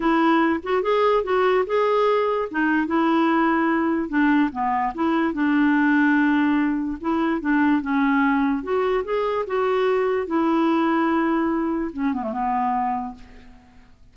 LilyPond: \new Staff \with { instrumentName = "clarinet" } { \time 4/4 \tempo 4 = 146 e'4. fis'8 gis'4 fis'4 | gis'2 dis'4 e'4~ | e'2 d'4 b4 | e'4 d'2.~ |
d'4 e'4 d'4 cis'4~ | cis'4 fis'4 gis'4 fis'4~ | fis'4 e'2.~ | e'4 cis'8 b16 a16 b2 | }